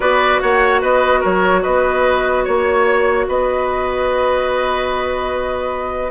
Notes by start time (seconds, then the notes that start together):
0.00 B3 F#4 B4 D5
0.39 A#3 C#5 F#5
0.81 B3 B4 D#5
1.20 F#3 A#4 C#5
1.62 B3 B4 D#5
2.44 A#3 C#5
3.27 B3 B4 D#5